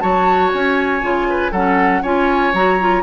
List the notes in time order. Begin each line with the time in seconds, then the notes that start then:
0.00 F#3 F#4 C#5 A5
0.53 C#4 G#5
1.02 C#3 F4
1.29 B4
1.51 F#3 C#4 A4 F#5
2.02 C#4 F4 C#5 G#5
2.53 F#3 F#4 A#5
2.80 F4